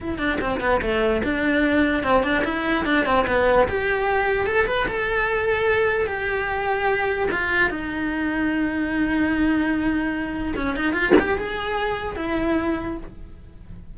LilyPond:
\new Staff \with { instrumentName = "cello" } { \time 4/4 \tempo 4 = 148 e'8 d'8 c'8 b8 a4 d'4~ | d'4 c'8 d'8 e'4 d'8 c'8 | b4 g'2 a'8 b'8 | a'2. g'4~ |
g'2 f'4 dis'4~ | dis'1~ | dis'2 cis'8 dis'8 f'8 g'8 | gis'2 e'2 | }